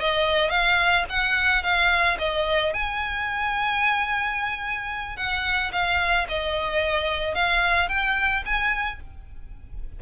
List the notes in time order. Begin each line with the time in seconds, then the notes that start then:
0.00 D#5
0.50 F5
1.09 F#5
1.63 F5
2.19 D#5
2.73 G#5
5.17 F#5
5.72 F5
6.29 D#5
7.34 F5
7.89 G5
8.45 G#5